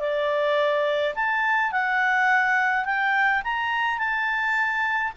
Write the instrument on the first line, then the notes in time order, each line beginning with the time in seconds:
clarinet
0.00 D5
1.15 A5
1.72 F#5
2.85 G5
3.44 A#5
3.99 A5